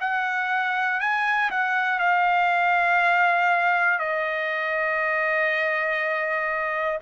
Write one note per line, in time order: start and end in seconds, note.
0.00 1.00 F#5
1.00 1.50 G#5
1.50 1.99 F#5
1.99 3.99 F5
3.99 6.99 D#5